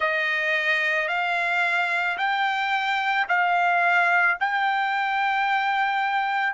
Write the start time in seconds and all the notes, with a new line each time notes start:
0.00 D#5
1.08 F5
2.17 G5
3.28 F5
4.39 G5